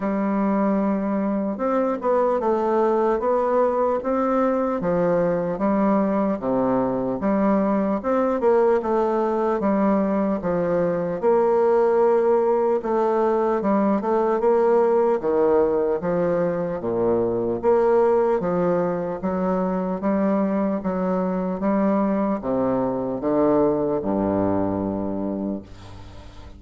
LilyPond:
\new Staff \with { instrumentName = "bassoon" } { \time 4/4 \tempo 4 = 75 g2 c'8 b8 a4 | b4 c'4 f4 g4 | c4 g4 c'8 ais8 a4 | g4 f4 ais2 |
a4 g8 a8 ais4 dis4 | f4 ais,4 ais4 f4 | fis4 g4 fis4 g4 | c4 d4 g,2 | }